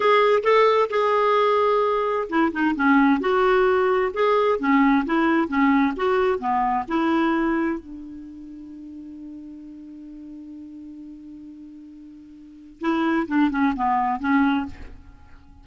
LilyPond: \new Staff \with { instrumentName = "clarinet" } { \time 4/4 \tempo 4 = 131 gis'4 a'4 gis'2~ | gis'4 e'8 dis'8 cis'4 fis'4~ | fis'4 gis'4 cis'4 e'4 | cis'4 fis'4 b4 e'4~ |
e'4 d'2.~ | d'1~ | d'1 | e'4 d'8 cis'8 b4 cis'4 | }